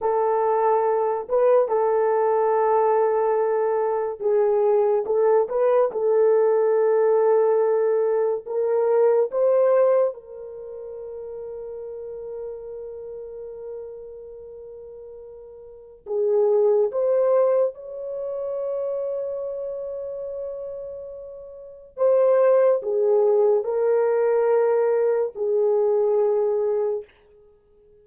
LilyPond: \new Staff \with { instrumentName = "horn" } { \time 4/4 \tempo 4 = 71 a'4. b'8 a'2~ | a'4 gis'4 a'8 b'8 a'4~ | a'2 ais'4 c''4 | ais'1~ |
ais'2. gis'4 | c''4 cis''2.~ | cis''2 c''4 gis'4 | ais'2 gis'2 | }